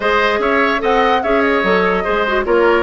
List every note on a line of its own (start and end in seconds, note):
0.00 0.38 G#3
0.00 0.79 G#4
0.00 0.39 C5
0.00 0.40 D#5
0.38 0.79 C#4
0.38 0.81 C#5
0.38 0.81 E5
0.79 1.23 C4
0.79 1.19 A4
0.79 1.22 D#5
0.79 1.23 F#5
1.23 1.63 C#4
1.23 1.64 G#4
1.23 2.04 C#5
1.23 1.41 E5
1.41 2.43 D#5
1.63 2.04 F#3
1.63 2.04 A4
2.04 2.46 G#3
2.04 2.24 G#4
2.04 2.44 C5
2.27 2.45 F#4
2.45 2.83 A#3
2.45 2.83 F4
2.45 2.83 A#4
2.45 2.83 C#5